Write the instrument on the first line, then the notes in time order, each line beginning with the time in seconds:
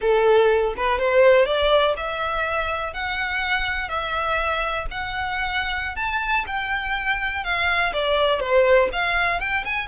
violin
0.01 A4
0.76 B4
0.98 C5
1.45 D5
1.96 E5
2.93 F#5
3.88 E5
4.90 F#5
5.96 A5
6.47 G5
7.44 F5
7.93 D5
8.40 C5
8.92 F5
9.40 G5
9.64 G#5